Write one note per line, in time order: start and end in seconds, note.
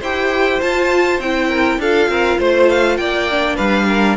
0.00 0.61 E4
0.00 0.61 G4
0.00 1.49 C5
0.00 0.61 G5
0.61 1.20 F4
0.61 1.20 A5
1.20 1.78 C4
1.20 1.83 E4
1.20 1.80 G5
1.49 1.79 A#4
1.78 2.08 D4
1.78 3.31 F4
1.78 2.10 A4
1.78 2.40 F5
2.09 2.39 C4
2.09 2.39 A#4
2.39 2.98 A3
2.39 2.98 C5
2.39 2.70 C5
2.70 2.97 F5
2.97 3.58 A#3
2.97 3.56 D5
2.97 3.56 G5
3.31 4.18 D4
3.56 4.18 G3
3.56 3.86 B4
3.56 4.17 F5
3.88 4.18 A#4